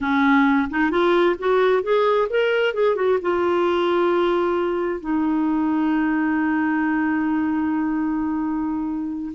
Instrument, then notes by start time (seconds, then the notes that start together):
clarinet
0.00 C#4
0.70 D#4
0.90 F4
1.38 F#4
1.82 G#4
2.29 A#4
2.74 G#4
2.95 F#4
3.21 F4
5.00 D#4